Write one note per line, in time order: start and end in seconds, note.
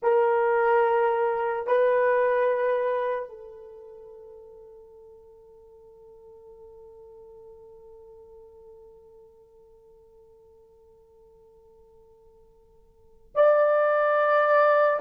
0.02 1.66 A#4
1.66 3.29 B4
3.29 13.35 A4
13.35 14.99 D5